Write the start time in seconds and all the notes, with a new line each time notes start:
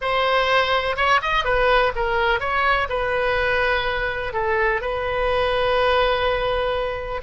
0.01 C5
0.96 C#5
1.22 D#5
1.44 B4
1.95 A#4
2.40 C#5
2.89 B4
4.33 A4
4.81 B4